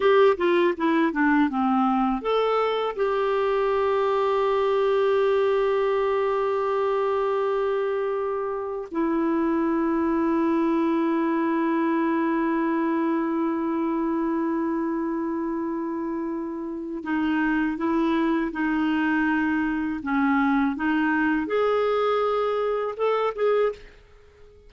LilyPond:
\new Staff \with { instrumentName = "clarinet" } { \time 4/4 \tempo 4 = 81 g'8 f'8 e'8 d'8 c'4 a'4 | g'1~ | g'1 | e'1~ |
e'1~ | e'2. dis'4 | e'4 dis'2 cis'4 | dis'4 gis'2 a'8 gis'8 | }